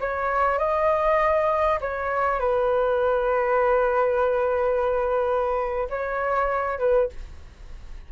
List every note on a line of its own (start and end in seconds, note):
0.00 0.58 C#5
0.58 1.79 D#5
1.80 2.39 C#5
2.39 5.88 B4
5.89 6.79 C#5
6.79 7.09 B4